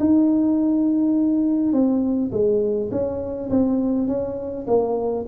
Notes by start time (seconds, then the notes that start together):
0.00 D#4
1.73 C4
2.32 G#3
2.92 C#4
3.50 C4
4.08 C#4
4.67 A#3